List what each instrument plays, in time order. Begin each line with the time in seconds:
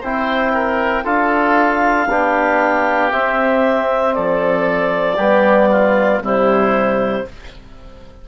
0.00 bassoon C4, trombone E4, oboe C5, clarinet G5
0.53 oboe A#4
1.04 bassoon D4, trombone F4, oboe A4, clarinet F5
2.07 bassoon B3, trombone D4, oboe G4
3.11 trombone C4, bassoon C4, clarinet E5
4.13 bassoon F3, oboe A4, clarinet D5
5.16 bassoon G3, trombone B3, oboe G4
5.71 oboe F4
6.20 bassoon C3, trombone G3, oboe E4, clarinet C5